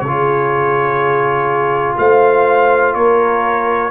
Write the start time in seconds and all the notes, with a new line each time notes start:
0.00 C#3 G#4 C#5
0.07 F4
1.98 A3 C5 F5
2.94 A#3 A#4 C#5